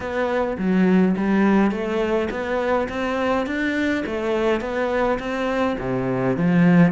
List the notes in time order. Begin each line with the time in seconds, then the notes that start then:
0.00 B3
0.57 F#3
1.16 G3
1.71 A3
2.30 B3
2.88 C4
3.46 D4
4.05 A3
4.60 B3
5.19 C4
5.78 C3
6.36 F3